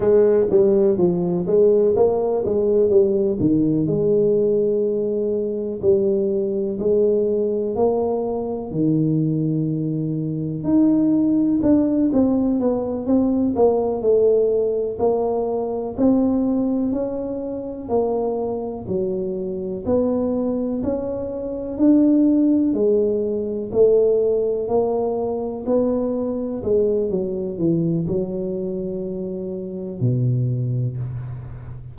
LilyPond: \new Staff \with { instrumentName = "tuba" } { \time 4/4 \tempo 4 = 62 gis8 g8 f8 gis8 ais8 gis8 g8 dis8 | gis2 g4 gis4 | ais4 dis2 dis'4 | d'8 c'8 b8 c'8 ais8 a4 ais8~ |
ais8 c'4 cis'4 ais4 fis8~ | fis8 b4 cis'4 d'4 gis8~ | gis8 a4 ais4 b4 gis8 | fis8 e8 fis2 b,4 | }